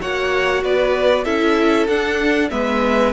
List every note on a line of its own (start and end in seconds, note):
0.00 0.63 A#3
0.00 1.25 F#4
0.00 0.64 C#5
0.00 0.64 F#5
0.63 1.26 B3
0.63 1.24 B4
0.63 1.24 D5
1.24 1.88 C#4
1.24 1.88 E4
1.24 2.49 A4
1.24 1.87 E5
1.87 2.50 D4
1.87 2.49 F#5
2.50 3.12 G#3
2.50 3.12 B3
2.50 3.12 B4
2.50 3.12 E5